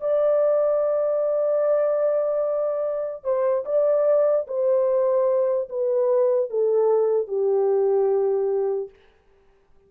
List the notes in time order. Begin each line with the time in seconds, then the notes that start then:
0.00 D5
3.24 C5
3.65 D5
4.47 C5
5.69 B4
6.50 A4
7.27 G4